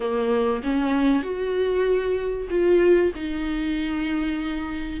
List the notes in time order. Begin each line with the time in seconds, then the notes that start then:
0.00 A#3
0.62 C#4
1.22 F#4
2.50 F4
3.15 D#4